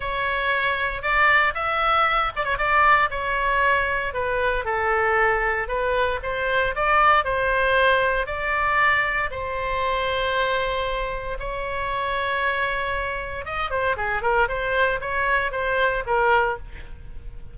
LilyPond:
\new Staff \with { instrumentName = "oboe" } { \time 4/4 \tempo 4 = 116 cis''2 d''4 e''4~ | e''8 d''16 cis''16 d''4 cis''2 | b'4 a'2 b'4 | c''4 d''4 c''2 |
d''2 c''2~ | c''2 cis''2~ | cis''2 dis''8 c''8 gis'8 ais'8 | c''4 cis''4 c''4 ais'4 | }